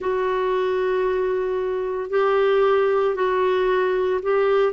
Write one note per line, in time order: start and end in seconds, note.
0.00 2.10 F#4
2.10 3.15 G4
3.15 4.20 F#4
4.22 4.73 G4